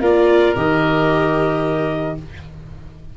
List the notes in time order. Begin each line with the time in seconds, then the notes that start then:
0.00 A#3 F4 A#4 D5
0.55 D#3 G4 D#5